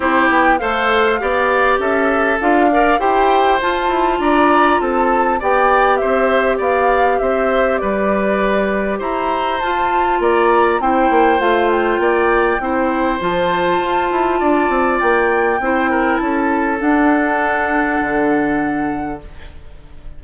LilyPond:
<<
  \new Staff \with { instrumentName = "flute" } { \time 4/4 \tempo 4 = 100 c''8 g''8 f''2 e''4 | f''4 g''4 a''4 ais''4 | a''4 g''4 e''4 f''4 | e''4 d''2 ais''4 |
a''4 ais''4 g''4 f''8 g''8~ | g''2 a''2~ | a''4 g''2 a''4 | fis''1 | }
  \new Staff \with { instrumentName = "oboe" } { \time 4/4 g'4 c''4 d''4 a'4~ | a'8 d''8 c''2 d''4 | a'4 d''4 c''4 d''4 | c''4 b'2 c''4~ |
c''4 d''4 c''2 | d''4 c''2. | d''2 c''8 ais'8 a'4~ | a'1 | }
  \new Staff \with { instrumentName = "clarinet" } { \time 4/4 e'4 a'4 g'2 | f'8 ais'8 g'4 f'2~ | f'4 g'2.~ | g'1 |
f'2 e'4 f'4~ | f'4 e'4 f'2~ | f'2 e'2 | d'1 | }
  \new Staff \with { instrumentName = "bassoon" } { \time 4/4 c'8 b8 a4 b4 cis'4 | d'4 e'4 f'8 e'8 d'4 | c'4 b4 c'4 b4 | c'4 g2 e'4 |
f'4 ais4 c'8 ais8 a4 | ais4 c'4 f4 f'8 e'8 | d'8 c'8 ais4 c'4 cis'4 | d'2 d2 | }
>>